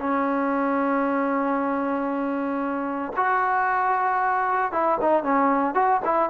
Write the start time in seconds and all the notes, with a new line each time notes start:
0.00 C#4
3.17 F#4
4.72 E4
5.02 D#4
5.24 C#4
5.75 F#4
6.05 E4